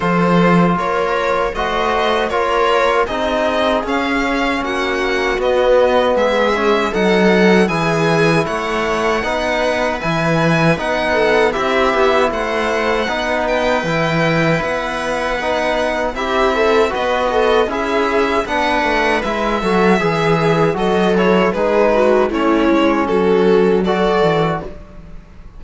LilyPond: <<
  \new Staff \with { instrumentName = "violin" } { \time 4/4 \tempo 4 = 78 c''4 cis''4 dis''4 cis''4 | dis''4 f''4 fis''4 dis''4 | e''4 fis''4 gis''4 fis''4~ | fis''4 gis''4 fis''4 e''4 |
fis''4. g''4. fis''4~ | fis''4 e''4 dis''4 e''4 | fis''4 e''2 dis''8 cis''8 | b'4 cis''4 a'4 d''4 | }
  \new Staff \with { instrumentName = "viola" } { \time 4/4 a'4 ais'4 c''4 ais'4 | gis'2 fis'2 | gis'4 a'4 gis'4 cis''4 | b'2~ b'8 a'8 g'4 |
c''4 b'2.~ | b'4 g'8 a'8 b'8 a'8 gis'4 | b'4. a'8 gis'4 a'4 | gis'8 fis'8 e'4 fis'4 a'4 | }
  \new Staff \with { instrumentName = "trombone" } { \time 4/4 f'2 fis'4 f'4 | dis'4 cis'2 b4~ | b8 cis'8 dis'4 e'2 | dis'4 e'4 dis'4 e'4~ |
e'4 dis'4 e'2 | dis'4 e'4 fis'4 e'4 | d'4 e'8 fis'8 gis'4 fis'8 e'8 | dis'4 cis'2 fis'4 | }
  \new Staff \with { instrumentName = "cello" } { \time 4/4 f4 ais4 a4 ais4 | c'4 cis'4 ais4 b4 | gis4 fis4 e4 a4 | b4 e4 b4 c'8 b8 |
a4 b4 e4 b4~ | b4 c'4 b4 cis'4 | b8 a8 gis8 fis8 e4 fis4 | gis4 a8 gis8 fis4. e8 | }
>>